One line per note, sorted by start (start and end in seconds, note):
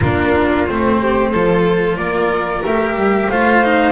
0.00 0.67 A#3
0.00 0.67 D4
0.00 0.98 F4
0.00 0.66 A#4
0.66 1.33 A3
0.66 1.33 C4
0.66 1.96 C5
1.01 1.31 G4
1.31 1.96 F3
1.31 2.66 F4
1.31 1.97 A4
1.96 2.62 A#3
1.96 3.29 A#4
1.96 2.62 D5
2.65 2.94 A3
2.65 3.32 G4
2.65 3.30 E5
2.94 3.27 G3
3.29 3.92 A3
3.29 3.64 F4
3.29 3.92 C5
3.29 3.92 F5
3.64 3.92 D#4